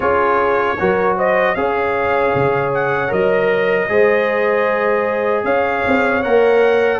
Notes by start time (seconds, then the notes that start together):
0.00 C#4 F4 G#4 C#5
0.79 F#3 F#4 A#4
1.17 C5 D#5
1.55 C#4 G#4 C#5 F5
2.34 C#3
2.74 F#5
3.08 F#3 A#4 D#5
3.88 G#3 G#4 C5
5.44 C#4 C#5 F5
5.87 C4
6.22 A#3 A#4 F#5